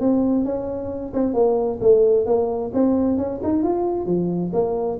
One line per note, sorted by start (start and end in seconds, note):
0.00 0.45 C4
0.45 1.13 C#4
1.13 1.33 C4
1.33 1.79 A#3
1.81 2.26 A3
2.26 2.71 A#3
2.74 3.17 C4
3.17 3.40 C#4
3.43 3.63 D#4
3.63 4.06 F4
4.06 4.51 F3
4.53 4.98 A#3